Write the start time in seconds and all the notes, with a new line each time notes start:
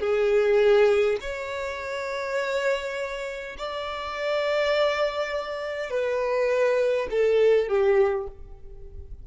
0.00 G#4
1.21 C#5
3.58 D5
5.89 B4
7.10 A4
7.68 G4